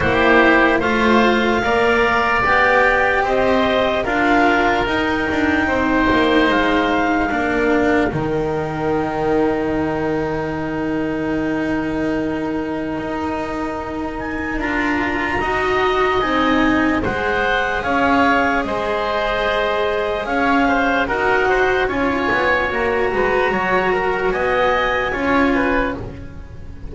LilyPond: <<
  \new Staff \with { instrumentName = "clarinet" } { \time 4/4 \tempo 4 = 74 c''4 f''2 g''4 | dis''4 f''4 g''2 | f''2 g''2~ | g''1~ |
g''4. gis''8 ais''2 | gis''4 fis''4 f''4 dis''4~ | dis''4 f''4 fis''4 gis''4 | ais''2 gis''2 | }
  \new Staff \with { instrumentName = "oboe" } { \time 4/4 g'4 c''4 d''2 | c''4 ais'2 c''4~ | c''4 ais'2.~ | ais'1~ |
ais'2. dis''4~ | dis''4 c''4 cis''4 c''4~ | c''4 cis''8 c''8 ais'8 c''8 cis''4~ | cis''8 b'8 cis''8 ais'8 dis''4 cis''8 b'8 | }
  \new Staff \with { instrumentName = "cello" } { \time 4/4 e'4 f'4 ais'4 g'4~ | g'4 f'4 dis'2~ | dis'4 d'4 dis'2~ | dis'1~ |
dis'2 f'4 fis'4 | dis'4 gis'2.~ | gis'2 fis'4 f'4 | fis'2. f'4 | }
  \new Staff \with { instrumentName = "double bass" } { \time 4/4 ais4 a4 ais4 b4 | c'4 d'4 dis'8 d'8 c'8 ais8 | gis4 ais4 dis2~ | dis1 |
dis'2 d'4 dis'4 | c'4 gis4 cis'4 gis4~ | gis4 cis'4 dis'4 cis'8 b8 | ais8 gis8 fis4 b4 cis'4 | }
>>